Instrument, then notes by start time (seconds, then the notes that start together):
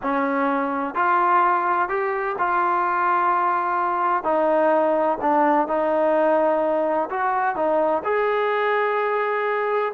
trombone
0.02 C#4
0.94 F4
1.88 G4
2.38 F4
4.23 D#4
5.21 D4
5.67 D#4
7.10 F#4
7.55 D#4
8.03 G#4